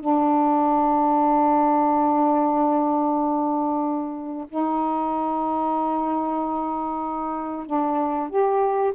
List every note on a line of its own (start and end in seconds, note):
0.00 4.47 D4
4.49 7.67 D#4
7.67 8.29 D4
8.29 8.93 G4